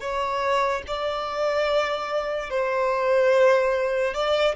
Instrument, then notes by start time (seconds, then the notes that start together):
violin
0.00 C#5
0.87 D5
2.50 C5
4.14 D5